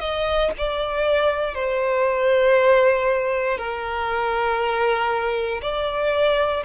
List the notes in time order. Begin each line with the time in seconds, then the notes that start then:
0.00 D#5
0.58 D5
1.55 C5
3.58 A#4
5.62 D5